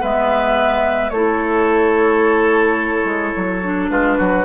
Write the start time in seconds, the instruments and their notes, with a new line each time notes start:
0.00 bassoon G#3, clarinet B3, oboe B4, flute E5
1.10 bassoon A3, clarinet E4, oboe A4, flute C#5
3.05 bassoon G#3
3.37 bassoon F#3
3.63 clarinet D4
3.90 bassoon G#3, oboe F4, flute B4
4.17 bassoon F#3, oboe F#4